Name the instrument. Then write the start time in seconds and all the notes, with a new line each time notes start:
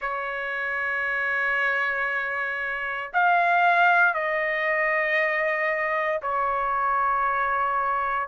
trumpet
0.00 C#5
3.13 F5
4.14 D#5
6.22 C#5